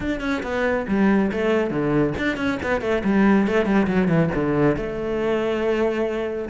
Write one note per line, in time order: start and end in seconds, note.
0.00 0.20 D4
0.20 0.42 C#4
0.42 0.85 B3
0.88 1.31 G3
1.31 1.70 A3
1.70 2.13 D3
2.18 2.36 D4
2.36 2.58 C#4
2.62 2.81 B3
2.81 3.02 A3
3.04 3.47 G3
3.47 3.65 A3
3.65 3.87 G3
3.87 4.08 F#3
4.08 4.29 E3
4.34 4.76 D3
4.76 6.49 A3